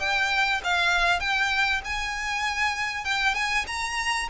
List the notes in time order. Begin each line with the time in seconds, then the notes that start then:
0.00 G5
0.64 F5
1.20 G5
1.85 G#5
3.05 G5
3.35 G#5
3.67 A#5